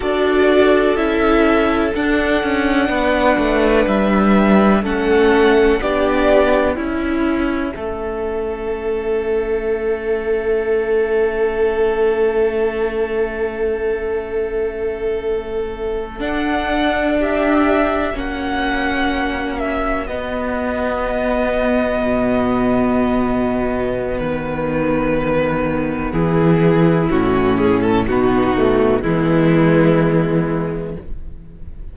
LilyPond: <<
  \new Staff \with { instrumentName = "violin" } { \time 4/4 \tempo 4 = 62 d''4 e''4 fis''2 | e''4 fis''4 d''4 e''4~ | e''1~ | e''1~ |
e''8. fis''4 e''4 fis''4~ fis''16~ | fis''16 e''8 dis''2.~ dis''16~ | dis''4 b'2 gis'4 | fis'8 gis'16 a'16 fis'4 e'2 | }
  \new Staff \with { instrumentName = "violin" } { \time 4/4 a'2. b'4~ | b'4 a'4 g'4 e'4 | a'1~ | a'1~ |
a'4.~ a'16 g'4 fis'4~ fis'16~ | fis'1~ | fis'2. e'4~ | e'4 dis'4 b2 | }
  \new Staff \with { instrumentName = "viola" } { \time 4/4 fis'4 e'4 d'2~ | d'4 cis'4 d'4 cis'4~ | cis'1~ | cis'1~ |
cis'8. d'2 cis'4~ cis'16~ | cis'8. b2.~ b16~ | b1 | cis'4 b8 a8 gis2 | }
  \new Staff \with { instrumentName = "cello" } { \time 4/4 d'4 cis'4 d'8 cis'8 b8 a8 | g4 a4 b4 cis'4 | a1~ | a1~ |
a8. d'2 ais4~ ais16~ | ais8. b2 b,4~ b,16~ | b,4 dis2 e4 | a,4 b,4 e2 | }
>>